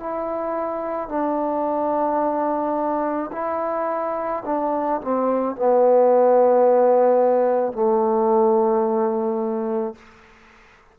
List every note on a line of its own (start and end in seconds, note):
0.00 1.09 E4
1.09 3.31 D4
3.32 4.43 E4
4.45 5.01 D4
5.02 5.56 C4
5.56 7.73 B3
7.73 9.95 A3